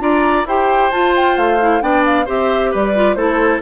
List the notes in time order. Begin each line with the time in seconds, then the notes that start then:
0.00 D4 F4 D5 A#5
0.45 E4 G4 C5 G5
0.91 F4 A5
1.16 G5
1.37 A3 F5
1.60 E4
1.81 B3 D4 D5 G5
2.06 F5
2.26 C4 G4 C5 E5
2.71 G3 B4 D5
2.96 F4
3.15 A3 E4 A4 C5